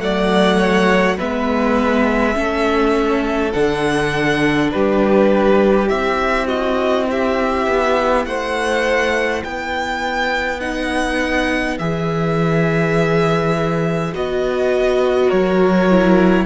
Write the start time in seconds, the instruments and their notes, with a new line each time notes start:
0.00 cello F#3, viola A3, violin D5 F#5
0.58 violin C#5
1.18 cello G#3, viola B3, violin B4 E5
2.35 cello A3, viola C#4, violin A4
3.53 cello D3, viola D4, violin F#5
4.72 cello G3, violin G4 B4
5.87 cello C4, viola E4, violin E5
6.48 violin F#4 D#5
7.11 violin G4 E5
7.67 cello B3
8.26 cello A3, violin C5 F#5
9.44 cello B3, violin B4 G5
10.61 viola D#4, violin F#5
11.79 cello E3, viola G#4, violin E5
14.13 cello B3, viola F#4, violin D#5
15.28 cello F#3, violin A#4 C#5
15.90 viola E4